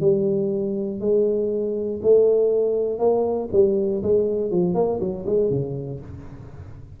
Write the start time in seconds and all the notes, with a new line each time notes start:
0.00 G3
1.00 G#3
2.02 A3
2.98 A#3
3.52 G3
4.02 G#3
4.50 F3
4.74 A#3
5.00 F#3
5.26 G#3
5.50 C#3